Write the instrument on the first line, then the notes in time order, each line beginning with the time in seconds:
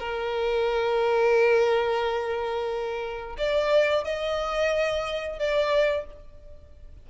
violin
0.00 A#4
3.38 D5
4.05 D#5
5.39 D5